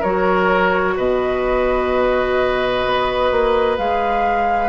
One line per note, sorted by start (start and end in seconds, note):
0.00 0.97 F#3
0.00 3.78 F#4
0.00 0.94 A#4
0.00 0.97 C#5
0.96 2.85 B2
0.96 4.69 B4
0.96 3.78 D#5
2.86 3.31 B3
3.31 3.78 A#3
3.78 4.69 G#3
3.78 4.69 G#4
3.78 4.69 F5